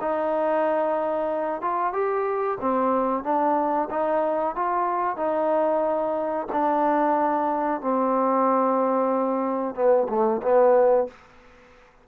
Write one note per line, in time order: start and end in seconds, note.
0.00 1.61 D#4
1.61 1.93 F4
1.93 2.58 G4
2.60 3.23 C4
3.23 3.89 D4
3.90 4.55 D#4
4.56 5.17 F4
5.17 6.47 D#4
6.52 7.81 D4
7.81 9.75 C4
9.75 10.07 B3
10.09 10.41 A3
10.42 11.07 B3